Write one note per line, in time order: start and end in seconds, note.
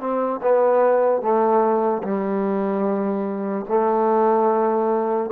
0.00 0.41 C4
0.42 1.22 B3
1.22 2.03 A3
2.03 3.65 G3
3.69 5.31 A3